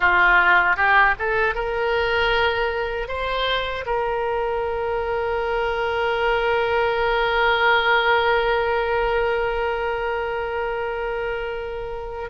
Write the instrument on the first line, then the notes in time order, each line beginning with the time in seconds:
oboe
0.00 F4
0.76 G4
1.18 A4
1.54 A#4
3.08 C5
3.85 A#4